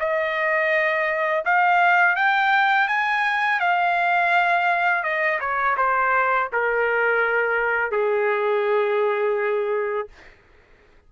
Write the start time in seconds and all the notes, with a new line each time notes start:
0.00 D#5
1.45 F5
2.16 G5
2.88 G#5
3.60 F5
5.04 D#5
5.41 C#5
5.77 C5
6.53 A#4
7.92 G#4